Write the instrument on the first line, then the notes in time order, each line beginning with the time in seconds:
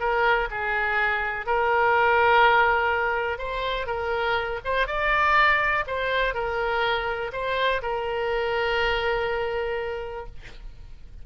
oboe
0.00 A#4
0.51 G#4
1.46 A#4
3.38 C5
3.87 A#4
4.65 C5
4.87 D5
5.87 C5
6.34 A#4
7.33 C5
7.82 A#4